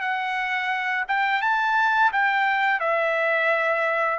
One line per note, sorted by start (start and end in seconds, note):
0.00 1.05 F#5
1.08 1.42 G5
1.42 2.12 A5
2.12 2.80 G5
2.80 4.19 E5